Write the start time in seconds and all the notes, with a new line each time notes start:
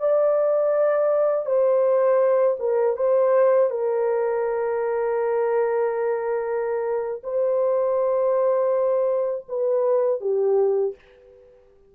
0.00 D5
1.46 C5
2.60 A#4
2.97 C5
3.70 A#4
7.24 C5
9.49 B4
10.21 G4